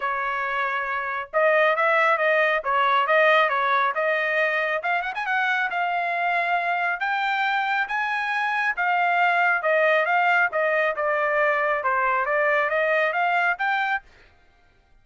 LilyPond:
\new Staff \with { instrumentName = "trumpet" } { \time 4/4 \tempo 4 = 137 cis''2. dis''4 | e''4 dis''4 cis''4 dis''4 | cis''4 dis''2 f''8 fis''16 gis''16 | fis''4 f''2. |
g''2 gis''2 | f''2 dis''4 f''4 | dis''4 d''2 c''4 | d''4 dis''4 f''4 g''4 | }